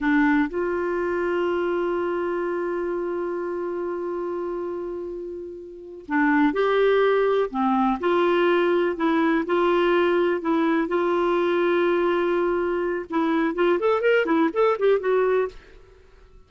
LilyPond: \new Staff \with { instrumentName = "clarinet" } { \time 4/4 \tempo 4 = 124 d'4 f'2.~ | f'1~ | f'1~ | f'8 d'4 g'2 c'8~ |
c'8 f'2 e'4 f'8~ | f'4. e'4 f'4.~ | f'2. e'4 | f'8 a'8 ais'8 e'8 a'8 g'8 fis'4 | }